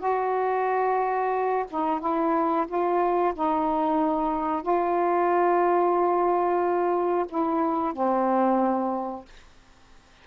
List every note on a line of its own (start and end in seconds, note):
0.00 1.65 F#4
1.70 2.00 D#4
2.00 2.66 E4
2.68 3.34 F4
3.34 4.62 D#4
4.62 7.26 F4
7.29 7.93 E4
7.93 9.25 C4